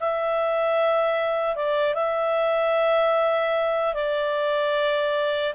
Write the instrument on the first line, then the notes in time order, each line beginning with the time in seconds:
clarinet
0.00 E5
1.56 D5
1.94 E5
3.94 D5